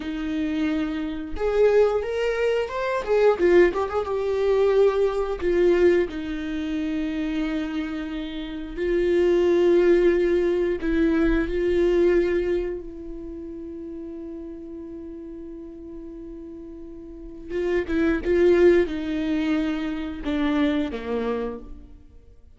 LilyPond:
\new Staff \with { instrumentName = "viola" } { \time 4/4 \tempo 4 = 89 dis'2 gis'4 ais'4 | c''8 gis'8 f'8 g'16 gis'16 g'2 | f'4 dis'2.~ | dis'4 f'2. |
e'4 f'2 e'4~ | e'1~ | e'2 f'8 e'8 f'4 | dis'2 d'4 ais4 | }